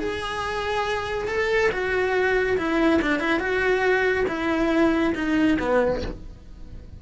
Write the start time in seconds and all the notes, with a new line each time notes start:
0.00 G#4
1.28 A4
1.72 F#4
2.58 E4
3.02 D4
3.20 E4
3.40 F#4
4.28 E4
5.15 D#4
5.59 B3